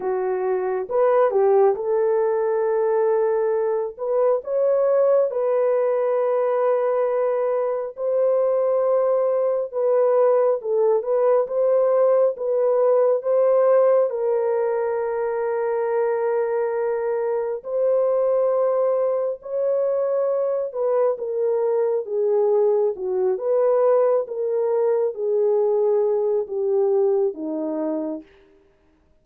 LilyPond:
\new Staff \with { instrumentName = "horn" } { \time 4/4 \tempo 4 = 68 fis'4 b'8 g'8 a'2~ | a'8 b'8 cis''4 b'2~ | b'4 c''2 b'4 | a'8 b'8 c''4 b'4 c''4 |
ais'1 | c''2 cis''4. b'8 | ais'4 gis'4 fis'8 b'4 ais'8~ | ais'8 gis'4. g'4 dis'4 | }